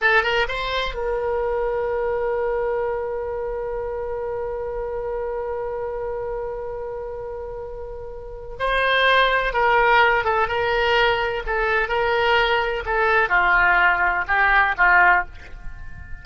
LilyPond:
\new Staff \with { instrumentName = "oboe" } { \time 4/4 \tempo 4 = 126 a'8 ais'8 c''4 ais'2~ | ais'1~ | ais'1~ | ais'1~ |
ais'2 c''2 | ais'4. a'8 ais'2 | a'4 ais'2 a'4 | f'2 g'4 f'4 | }